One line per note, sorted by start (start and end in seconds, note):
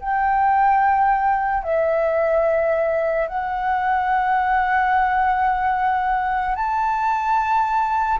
0.00 1.63 G5
1.63 3.28 E5
3.28 6.55 F#5
6.55 8.20 A5